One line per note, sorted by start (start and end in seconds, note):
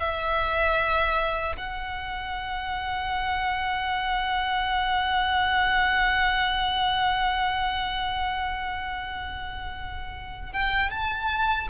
0.00 1.56 E5
1.57 10.53 F#5
10.53 10.91 G5
10.91 11.68 A5